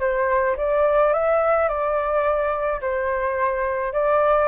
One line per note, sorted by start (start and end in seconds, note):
0.00 0.56 C5
0.57 1.13 D5
1.13 1.68 E5
1.68 2.81 D5
2.81 3.93 C5
3.93 4.48 D5